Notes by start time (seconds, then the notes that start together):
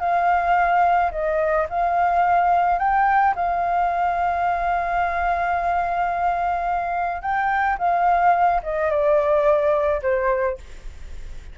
0.00 F5
1.11 D#5
1.69 F5
2.79 G5
3.36 F5
7.22 G5
7.78 F5
8.63 D#5
8.91 D5
10.03 C5